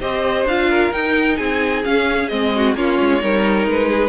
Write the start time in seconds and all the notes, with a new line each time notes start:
0.00 C4 G4 C5 D#5
0.44 D4 F4 F5
0.69 A#4
0.92 D#4 G5
1.36 C4 G#4 G#5
1.83 C#4 F5
2.28 G#3 C4 D#5
2.55 F#4
2.75 A#3 C#4 F4 C#5
3.00 G#3
3.19 G3 D#4 A#4
3.66 G#3 B4
3.88 G#4